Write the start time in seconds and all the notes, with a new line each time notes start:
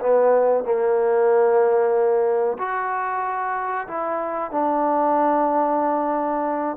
0.00 B3
0.64 A#3
2.58 F#4
3.88 E4
4.51 D4